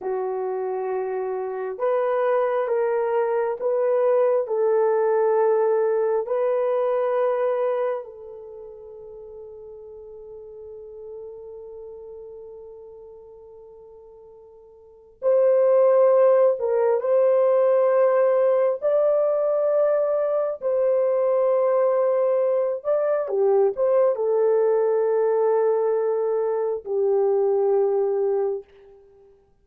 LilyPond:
\new Staff \with { instrumentName = "horn" } { \time 4/4 \tempo 4 = 67 fis'2 b'4 ais'4 | b'4 a'2 b'4~ | b'4 a'2.~ | a'1~ |
a'4 c''4. ais'8 c''4~ | c''4 d''2 c''4~ | c''4. d''8 g'8 c''8 a'4~ | a'2 g'2 | }